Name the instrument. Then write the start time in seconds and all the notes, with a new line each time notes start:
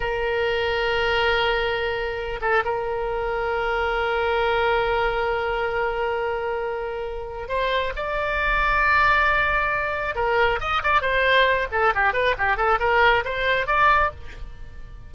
oboe
0.00 A#4
2.41 A4
2.64 A#4
7.48 C5
7.96 D5
10.15 A#4
10.60 D#5
10.83 D5
11.01 C5
11.71 A4
11.95 G4
12.13 B4
12.37 G4
12.56 A4
12.79 A#4
13.25 C5
13.66 D5